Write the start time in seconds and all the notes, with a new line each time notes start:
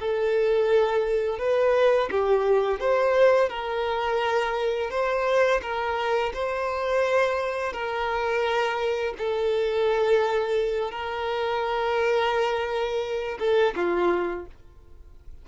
0.00 A4
1.39 B4
2.11 G4
2.80 C5
3.49 A#4
4.91 C5
5.62 A#4
6.34 C5
7.73 A#4
9.18 A4
10.91 A#4
13.40 A4
13.76 F4